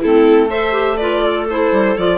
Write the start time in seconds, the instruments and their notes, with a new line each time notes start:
0.00 bassoon A3, clarinet C4, viola E4, violin A4
0.50 clarinet A4, viola C5, violin E5
0.72 clarinet G4
0.97 clarinet F4, viola B4, violin D5
1.25 viola A4
1.49 clarinet E4, violin C5
1.72 bassoon G3
1.97 bassoon F3, clarinet F4, violin D5